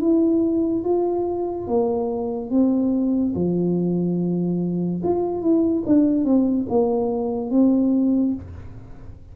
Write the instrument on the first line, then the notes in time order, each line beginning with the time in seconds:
tuba
0.00 E4
0.84 F4
1.67 A#3
2.51 C4
3.35 F3
5.03 F4
5.42 E4
5.86 D4
6.25 C4
6.69 A#3
7.51 C4